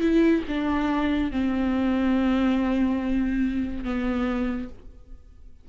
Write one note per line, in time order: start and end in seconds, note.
0.00 0.42 E4
0.48 1.31 D4
1.31 3.84 C4
3.84 4.68 B3